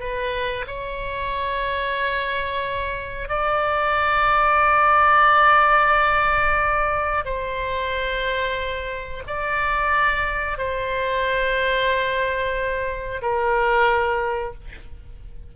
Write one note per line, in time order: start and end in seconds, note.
0.00 0.66 B4
0.67 3.29 C#5
3.29 7.25 D5
7.26 9.23 C5
9.28 10.58 D5
10.58 13.22 C5
13.22 14.54 A#4